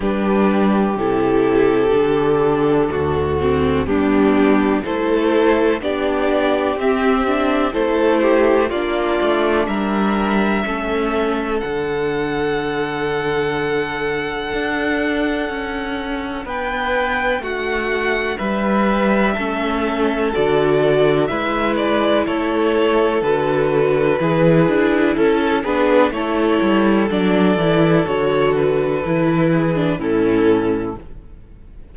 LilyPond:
<<
  \new Staff \with { instrumentName = "violin" } { \time 4/4 \tempo 4 = 62 b'4 a'2. | g'4 c''4 d''4 e''4 | c''4 d''4 e''2 | fis''1~ |
fis''4 g''4 fis''4 e''4~ | e''4 d''4 e''8 d''8 cis''4 | b'2 a'8 b'8 cis''4 | d''4 cis''8 b'4. a'4 | }
  \new Staff \with { instrumentName = "violin" } { \time 4/4 g'2. fis'4 | d'4 a'4 g'2 | a'8 g'8 f'4 ais'4 a'4~ | a'1~ |
a'4 b'4 fis'4 b'4 | a'2 b'4 a'4~ | a'4 gis'4 a'8 gis'8 a'4~ | a'2~ a'8 gis'8 e'4 | }
  \new Staff \with { instrumentName = "viola" } { \time 4/4 d'4 e'4 d'4. c'8 | b4 e'4 d'4 c'8 d'8 | e'4 d'2 cis'4 | d'1~ |
d'1 | cis'4 fis'4 e'2 | fis'4 e'4. d'8 e'4 | d'8 e'8 fis'4 e'8. d'16 cis'4 | }
  \new Staff \with { instrumentName = "cello" } { \time 4/4 g4 c4 d4 d,4 | g4 a4 b4 c'4 | a4 ais8 a8 g4 a4 | d2. d'4 |
cis'4 b4 a4 g4 | a4 d4 gis4 a4 | d4 e8 d'8 cis'8 b8 a8 g8 | fis8 e8 d4 e4 a,4 | }
>>